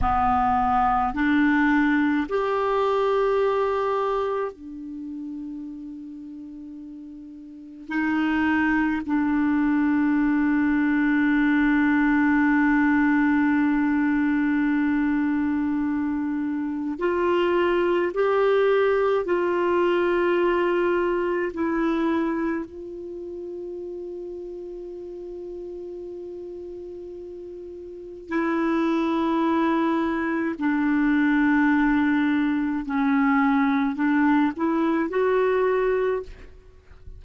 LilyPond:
\new Staff \with { instrumentName = "clarinet" } { \time 4/4 \tempo 4 = 53 b4 d'4 g'2 | d'2. dis'4 | d'1~ | d'2. f'4 |
g'4 f'2 e'4 | f'1~ | f'4 e'2 d'4~ | d'4 cis'4 d'8 e'8 fis'4 | }